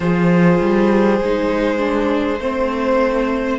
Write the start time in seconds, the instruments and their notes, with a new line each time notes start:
0.00 cello F3, viola F4, violin G#4 C5
0.60 cello G3
1.20 cello G#3, viola D#4
1.78 viola D4
2.40 cello A3, viola C4, violin C5